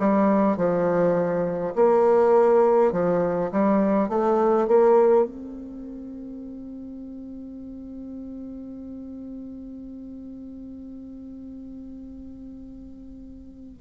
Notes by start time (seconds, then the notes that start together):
0.00 G3
0.57 F3
1.76 A#3
2.93 F3
3.52 G3
4.09 A3
4.68 A#3
5.26 C4